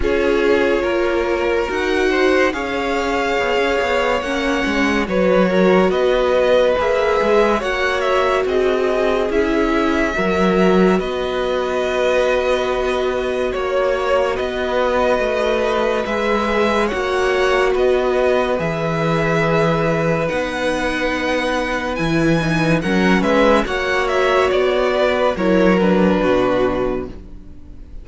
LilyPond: <<
  \new Staff \with { instrumentName = "violin" } { \time 4/4 \tempo 4 = 71 cis''2 fis''4 f''4~ | f''4 fis''4 cis''4 dis''4 | e''4 fis''8 e''8 dis''4 e''4~ | e''4 dis''2. |
cis''4 dis''2 e''4 | fis''4 dis''4 e''2 | fis''2 gis''4 fis''8 e''8 | fis''8 e''8 d''4 cis''8 b'4. | }
  \new Staff \with { instrumentName = "violin" } { \time 4/4 gis'4 ais'4. c''8 cis''4~ | cis''2 b'8 ais'8 b'4~ | b'4 cis''4 gis'2 | ais'4 b'2. |
cis''4 b'2. | cis''4 b'2.~ | b'2. ais'8 b'8 | cis''4. b'8 ais'4 fis'4 | }
  \new Staff \with { instrumentName = "viola" } { \time 4/4 f'2 fis'4 gis'4~ | gis'4 cis'4 fis'2 | gis'4 fis'2 e'4 | fis'1~ |
fis'2. gis'4 | fis'2 gis'2 | dis'2 e'8 dis'8 cis'4 | fis'2 e'8 d'4. | }
  \new Staff \with { instrumentName = "cello" } { \time 4/4 cis'4 ais4 dis'4 cis'4 | b16 cis'16 b8 ais8 gis8 fis4 b4 | ais8 gis8 ais4 c'4 cis'4 | fis4 b2. |
ais4 b4 a4 gis4 | ais4 b4 e2 | b2 e4 fis8 gis8 | ais4 b4 fis4 b,4 | }
>>